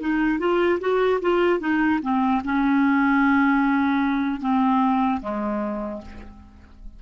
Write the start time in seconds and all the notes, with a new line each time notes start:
0.00 D#4
0.39 F4
0.80 F#4
1.21 F4
1.59 D#4
2.02 C4
2.44 C#4
4.40 C4
5.21 G#3